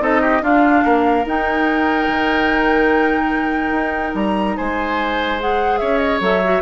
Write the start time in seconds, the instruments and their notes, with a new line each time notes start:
0.00 bassoon C4, clarinet D#4, oboe A4, flute D#5
0.22 oboe G4
0.42 bassoon D4, clarinet D4, oboe F4, flute F5
0.85 bassoon A#3, oboe A#4
1.26 bassoon D#4, clarinet D#4, flute G5
2.08 bassoon D#3
3.71 bassoon D#4
4.15 bassoon G3, flute A#5
4.57 bassoon G#3, oboe C5, flute G#5
5.40 clarinet G#4, flute F#5
5.78 bassoon C#4, oboe C#5, flute E5
5.98 flute D#5
6.21 bassoon F#3, clarinet A4, flute E5
6.44 clarinet F#4